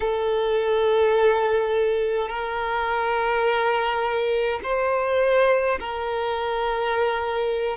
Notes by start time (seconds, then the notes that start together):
0.00 A4
2.28 A#4
4.63 C5
5.80 A#4